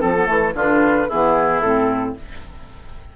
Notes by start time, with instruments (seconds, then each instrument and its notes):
0.00 bassoon F3, clarinet C4, oboe A4, flute A4
0.15 clarinet B3
0.26 bassoon E3, clarinet A3
0.54 bassoon D3, clarinet D4, oboe F4, flute B4
1.08 bassoon E3, clarinet B3, oboe E4, flute G#4
1.60 bassoon A2, clarinet C4, flute A4